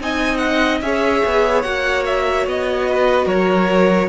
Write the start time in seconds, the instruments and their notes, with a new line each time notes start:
0.00 cello C4, viola D#4, violin D#5 G#5
0.37 violin F#5
0.81 cello C#4, viola G#4, violin C#5 E5
1.25 cello B3
1.62 cello A#3, viola F#4, violin F#5
2.05 violin E5
2.46 cello B3, violin D#5
2.89 violin B4
3.25 cello F#3, violin A#4 C#5